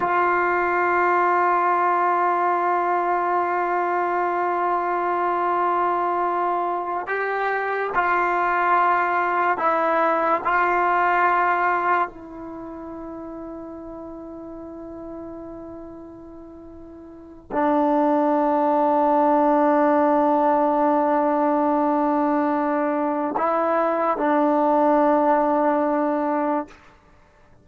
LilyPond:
\new Staff \with { instrumentName = "trombone" } { \time 4/4 \tempo 4 = 72 f'1~ | f'1~ | f'8 g'4 f'2 e'8~ | e'8 f'2 e'4.~ |
e'1~ | e'4 d'2.~ | d'1 | e'4 d'2. | }